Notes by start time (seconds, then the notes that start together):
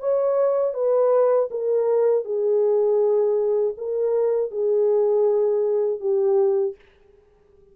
0.00 C#5
0.74 B4
1.50 A#4
2.25 G#4
3.77 A#4
4.51 G#4
6.00 G4